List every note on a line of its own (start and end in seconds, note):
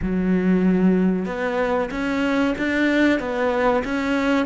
0.01 1.25 F#3
1.25 1.89 B3
1.90 2.54 C#4
2.57 3.19 D4
3.19 3.83 B3
3.84 4.46 C#4